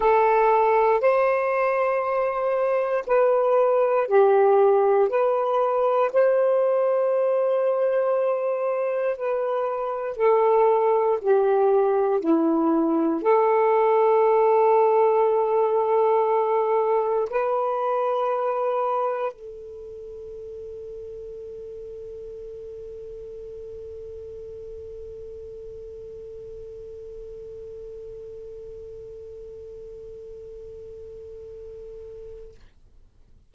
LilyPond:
\new Staff \with { instrumentName = "saxophone" } { \time 4/4 \tempo 4 = 59 a'4 c''2 b'4 | g'4 b'4 c''2~ | c''4 b'4 a'4 g'4 | e'4 a'2.~ |
a'4 b'2 a'4~ | a'1~ | a'1~ | a'1 | }